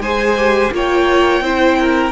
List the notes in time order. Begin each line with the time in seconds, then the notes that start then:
0.00 G#3 G#4 C5 G#5
0.38 G4
0.72 A#3 F4 C#5 G5
1.41 C4 E4 C5
1.80 A#4